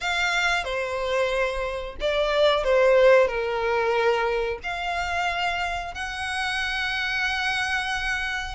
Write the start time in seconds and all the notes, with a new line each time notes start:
0.01 F5
0.64 C5
2.00 D5
2.64 C5
3.27 A#4
4.63 F5
5.94 F#5